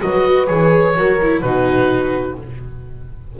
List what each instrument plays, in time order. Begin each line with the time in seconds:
0.00 double bass F#3, viola F#4, horn B4, oboe D#5
0.47 double bass E3, viola G#4, oboe C#5
0.96 double bass F#3, viola F#4, horn A#4
1.22 viola E4
1.41 double bass B2, viola D#4, horn F#4, oboe B4